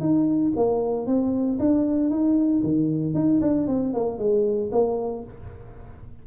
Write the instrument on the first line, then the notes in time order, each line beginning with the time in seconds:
tuba
0.00 D#4
0.56 A#3
1.06 C4
1.59 D4
2.10 D#4
2.63 D#3
3.14 D#4
3.41 D4
3.67 C4
3.93 A#3
4.18 G#3
4.71 A#3